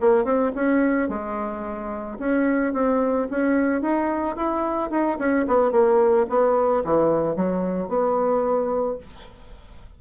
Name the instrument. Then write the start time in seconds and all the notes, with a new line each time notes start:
bassoon
0.00 A#3
0.24 C4
0.55 C#4
1.09 G#3
2.19 C#4
2.73 C4
3.30 C#4
3.81 D#4
4.36 E4
4.90 D#4
5.18 C#4
5.47 B3
5.71 A#3
6.29 B3
6.84 E3
7.36 F#3
7.88 B3